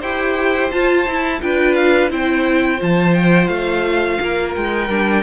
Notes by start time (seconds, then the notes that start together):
0.00 E4 G4 C5 G5
0.72 F4 A5
1.08 E4
1.42 D4 F4 B4 G5
1.75 F5
2.10 C4 E4 C5 G5
2.77 F3 F4 A5
3.15 G5
3.48 A3 F5
4.21 A#3 A#4
4.56 G#3 G5
4.89 G3 D4